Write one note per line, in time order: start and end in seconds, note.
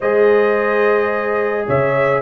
0.00 1.67 G#3
0.00 2.22 G#4
0.00 1.66 C5
0.00 1.67 D#5
1.66 2.22 C#3
1.66 2.22 C#5
1.66 2.22 E5